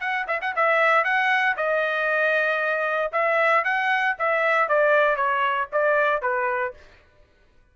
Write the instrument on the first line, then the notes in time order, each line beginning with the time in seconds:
trumpet
0.00 F#5
0.27 E5
0.41 F#5
0.55 E5
1.04 F#5
1.56 D#5
3.12 E5
3.64 F#5
4.18 E5
4.68 D5
5.16 C#5
5.72 D5
6.22 B4